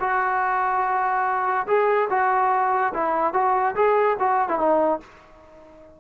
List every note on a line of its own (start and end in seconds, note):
0.00 1.67 F#4
1.67 2.09 G#4
2.10 2.93 F#4
2.94 3.34 E4
3.34 3.75 F#4
3.76 4.17 G#4
4.20 4.49 F#4
4.49 4.59 E4
4.59 5.00 D#4